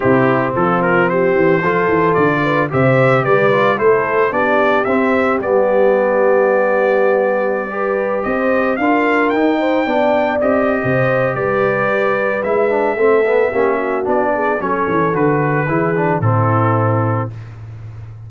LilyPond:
<<
  \new Staff \with { instrumentName = "trumpet" } { \time 4/4 \tempo 4 = 111 g'4 a'8 ais'8 c''2 | d''4 e''4 d''4 c''4 | d''4 e''4 d''2~ | d''2.~ d''16 dis''8.~ |
dis''16 f''4 g''2 dis''8.~ | dis''4 d''2 e''4~ | e''2 d''4 cis''4 | b'2 a'2 | }
  \new Staff \with { instrumentName = "horn" } { \time 4/4 e'4 f'4 g'4 a'4~ | a'8 b'8 c''4 b'4 a'4 | g'1~ | g'2~ g'16 b'4 c''8.~ |
c''16 ais'4. c''8 d''4.~ d''16 | c''4 b'2. | a'4 g'8 fis'4 gis'8 a'4~ | a'4 gis'4 e'2 | }
  \new Staff \with { instrumentName = "trombone" } { \time 4/4 c'2. f'4~ | f'4 g'4. f'8 e'4 | d'4 c'4 b2~ | b2~ b16 g'4.~ g'16~ |
g'16 f'4 dis'4 d'4 g'8.~ | g'2. e'8 d'8 | c'8 b8 cis'4 d'4 cis'4 | fis'4 e'8 d'8 c'2 | }
  \new Staff \with { instrumentName = "tuba" } { \time 4/4 c4 f4. e8 f8 e8 | d4 c4 g4 a4 | b4 c'4 g2~ | g2.~ g16 c'8.~ |
c'16 d'4 dis'4 b4 c'8. | c4 g2 gis4 | a4 ais4 b4 fis8 e8 | d4 e4 a,2 | }
>>